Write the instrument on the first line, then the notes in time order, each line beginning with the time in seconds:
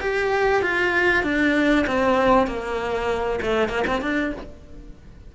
cello
0.00 G4
0.62 F4
1.23 D4
1.86 C4
2.47 A#3
3.42 A3
3.68 A#3
3.87 C4
4.01 D4